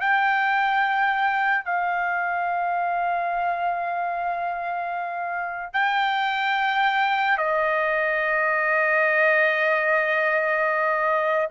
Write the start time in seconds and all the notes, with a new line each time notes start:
0.00 G5
1.64 F5
5.73 G5
7.37 D#5